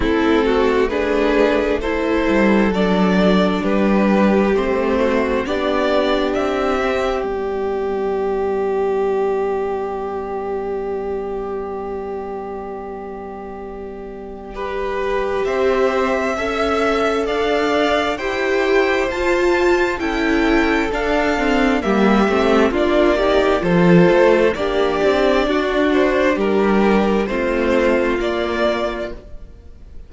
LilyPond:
<<
  \new Staff \with { instrumentName = "violin" } { \time 4/4 \tempo 4 = 66 a'4 b'4 c''4 d''4 | b'4 c''4 d''4 e''4 | d''1~ | d''1~ |
d''4 e''2 f''4 | g''4 a''4 g''4 f''4 | e''4 d''4 c''4 d''4~ | d''8 c''8 ais'4 c''4 d''4 | }
  \new Staff \with { instrumentName = "violin" } { \time 4/4 e'8 fis'8 gis'4 a'2 | g'4. fis'8 g'2~ | g'1~ | g'1 |
b'4 c''4 e''4 d''4 | c''2 a'2 | g'4 f'8 g'8 a'4 g'4 | fis'4 g'4 f'2 | }
  \new Staff \with { instrumentName = "viola" } { \time 4/4 c'4 d'4 e'4 d'4~ | d'4 c'4 d'4. c'8 | b1~ | b1 |
g'2 a'2 | g'4 f'4 e'4 d'8 c'8 | ais8 c'8 d'8 dis'8 f'4 d'4~ | d'2 c'4 ais4 | }
  \new Staff \with { instrumentName = "cello" } { \time 4/4 a2~ a8 g8 fis4 | g4 a4 b4 c'4 | g1~ | g1~ |
g4 c'4 cis'4 d'4 | e'4 f'4 cis'4 d'4 | g8 a8 ais4 f8 a8 ais8 c'8 | d'4 g4 a4 ais4 | }
>>